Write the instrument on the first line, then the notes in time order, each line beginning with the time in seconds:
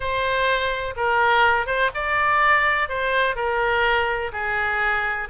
oboe
0.00 C5
0.96 A#4
1.66 C5
1.94 D5
2.88 C5
3.35 A#4
4.32 G#4